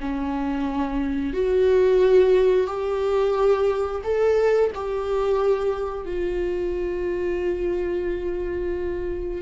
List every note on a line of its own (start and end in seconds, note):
0.00 1.33 C#4
1.33 2.67 F#4
2.67 4.02 G4
4.04 4.71 A4
4.74 6.05 G4
6.05 9.41 F4